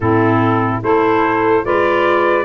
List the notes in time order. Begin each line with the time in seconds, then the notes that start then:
0.00 A2 C4 E4 A4
0.81 A3 E4 A4 C5
1.64 G#3 F4 B4 D5